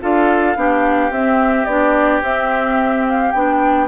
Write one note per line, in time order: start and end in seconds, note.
0.00 0.56 D4
0.00 0.55 F4
0.00 0.57 A4
0.00 1.12 F5
0.55 1.10 B3
0.55 1.11 D4
0.55 3.88 G4
1.10 1.66 C4
1.10 1.67 C4
1.10 1.65 E5
1.65 2.21 B3
1.65 2.22 D4
1.65 2.20 D5
2.21 3.32 C4
2.21 3.33 C4
2.21 3.06 E5
3.08 3.31 F5
3.31 3.88 B3
3.31 3.88 D4
3.31 3.87 G5